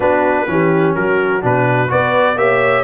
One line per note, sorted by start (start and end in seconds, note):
0.00 0.46 B3
0.00 0.47 D4
0.00 0.46 F#4
0.00 0.94 B4
0.47 0.95 E3
0.47 1.41 C#4
0.47 0.96 G4
0.94 1.43 F#3
0.94 1.90 F#4
0.94 1.42 A#4
1.41 1.91 B2
1.41 1.88 D4
1.41 1.90 B4
1.88 2.35 B3
1.88 2.35 F#4
1.88 2.38 B4
1.88 2.38 D5
2.35 2.83 A#3
2.35 2.84 G4
2.35 2.84 C#5
2.35 2.84 E5